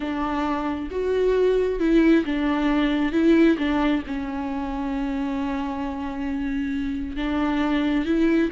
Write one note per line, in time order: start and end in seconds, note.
0.00 0.89 D4
0.91 1.79 F#4
1.79 2.24 E4
2.25 3.12 D4
3.12 3.57 E4
3.57 4.02 D4
4.06 7.16 C#4
7.16 8.05 D4
8.05 8.50 E4